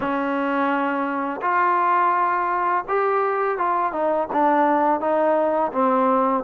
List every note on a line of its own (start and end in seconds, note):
0.00 1.40 C#4
1.41 2.84 F4
2.87 3.58 G4
3.58 3.92 F4
3.92 4.28 D#4
4.32 5.00 D4
5.00 5.71 D#4
5.72 6.43 C4